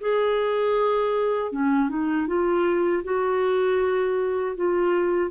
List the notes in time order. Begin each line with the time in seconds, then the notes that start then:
0.00 G#4
1.52 C#4
1.88 D#4
2.26 F4
3.03 F#4
4.55 F4